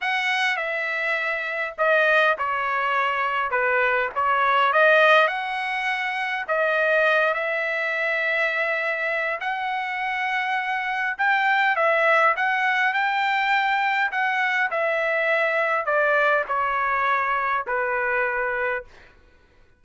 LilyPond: \new Staff \with { instrumentName = "trumpet" } { \time 4/4 \tempo 4 = 102 fis''4 e''2 dis''4 | cis''2 b'4 cis''4 | dis''4 fis''2 dis''4~ | dis''8 e''2.~ e''8 |
fis''2. g''4 | e''4 fis''4 g''2 | fis''4 e''2 d''4 | cis''2 b'2 | }